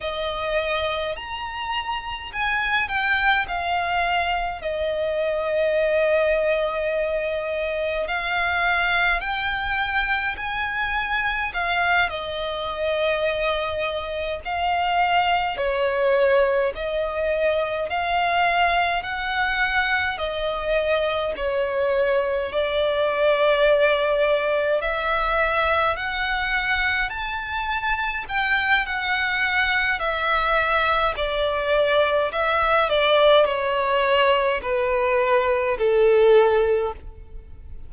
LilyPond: \new Staff \with { instrumentName = "violin" } { \time 4/4 \tempo 4 = 52 dis''4 ais''4 gis''8 g''8 f''4 | dis''2. f''4 | g''4 gis''4 f''8 dis''4.~ | dis''8 f''4 cis''4 dis''4 f''8~ |
f''8 fis''4 dis''4 cis''4 d''8~ | d''4. e''4 fis''4 a''8~ | a''8 g''8 fis''4 e''4 d''4 | e''8 d''8 cis''4 b'4 a'4 | }